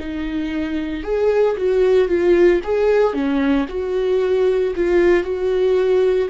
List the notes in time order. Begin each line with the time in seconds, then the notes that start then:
0.00 D#4
1.04 G#4
1.57 F#4
2.08 F4
2.64 G#4
3.13 C#4
3.69 F#4
4.76 F4
5.23 F#4